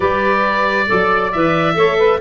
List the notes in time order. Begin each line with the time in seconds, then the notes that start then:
0.00 G3 G4 B4 D5
0.86 F#3 A4 D5
1.32 E3 B4 E5
1.73 A3 A4 C#5
1.97 B4